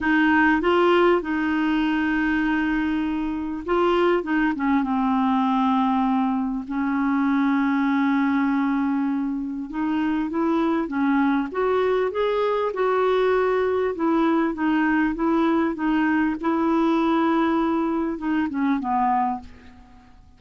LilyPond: \new Staff \with { instrumentName = "clarinet" } { \time 4/4 \tempo 4 = 99 dis'4 f'4 dis'2~ | dis'2 f'4 dis'8 cis'8 | c'2. cis'4~ | cis'1 |
dis'4 e'4 cis'4 fis'4 | gis'4 fis'2 e'4 | dis'4 e'4 dis'4 e'4~ | e'2 dis'8 cis'8 b4 | }